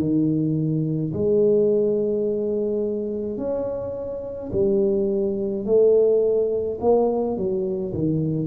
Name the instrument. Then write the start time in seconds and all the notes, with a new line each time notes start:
tuba
0.00 D#3
1.13 G#3
3.38 C#4
4.53 G3
5.66 A3
6.81 A#3
7.37 F#3
7.94 D#3